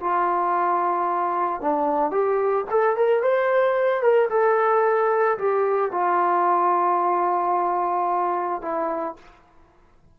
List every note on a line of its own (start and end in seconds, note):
0.00 1.61 F4
1.61 2.11 D4
2.11 2.65 G4
2.71 2.97 A4
2.97 3.23 A#4
3.23 4.02 C5
4.02 4.29 A#4
4.30 5.38 A4
5.38 5.92 G4
5.92 8.62 F4
8.62 9.16 E4